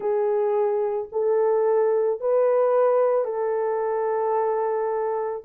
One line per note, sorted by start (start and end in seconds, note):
0.00 1.08 G#4
1.12 2.20 A4
2.20 3.25 B4
3.25 5.43 A4